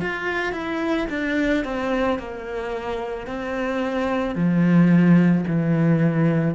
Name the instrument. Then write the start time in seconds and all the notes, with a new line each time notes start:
cello
0.00 F4
0.52 E4
1.09 D4
1.64 C4
2.18 A#3
3.27 C4
4.35 F3
5.47 E3